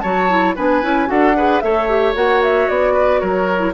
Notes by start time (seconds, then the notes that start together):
0.00 F#3 F#4 C#5 A5
0.29 E4
0.55 B3 D4 B4 G#5
0.83 C#4 E4
1.07 D4 F#4 A4 F#5
1.36 G#4 B4
1.60 A3 A4 C#5 E5
1.89 G4
2.15 A#3 F#4 F#5
2.43 E5
2.69 B3 D5
2.94 B4
3.20 F#3 A#4 C#5
3.58 E4